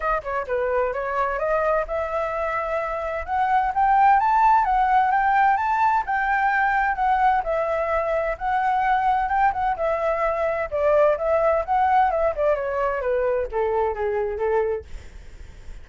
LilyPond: \new Staff \with { instrumentName = "flute" } { \time 4/4 \tempo 4 = 129 dis''8 cis''8 b'4 cis''4 dis''4 | e''2. fis''4 | g''4 a''4 fis''4 g''4 | a''4 g''2 fis''4 |
e''2 fis''2 | g''8 fis''8 e''2 d''4 | e''4 fis''4 e''8 d''8 cis''4 | b'4 a'4 gis'4 a'4 | }